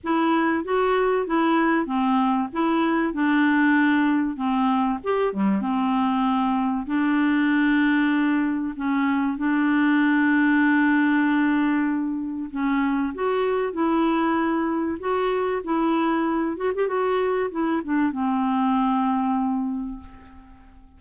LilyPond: \new Staff \with { instrumentName = "clarinet" } { \time 4/4 \tempo 4 = 96 e'4 fis'4 e'4 c'4 | e'4 d'2 c'4 | g'8 g8 c'2 d'4~ | d'2 cis'4 d'4~ |
d'1 | cis'4 fis'4 e'2 | fis'4 e'4. fis'16 g'16 fis'4 | e'8 d'8 c'2. | }